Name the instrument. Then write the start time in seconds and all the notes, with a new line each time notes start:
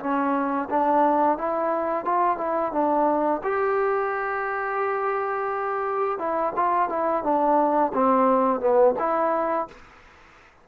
trombone
0.00 C#4
0.70 D4
1.38 E4
2.05 F4
2.38 E4
2.73 D4
3.44 G4
6.19 E4
6.56 F4
6.89 E4
7.24 D4
7.94 C4
8.61 B3
8.99 E4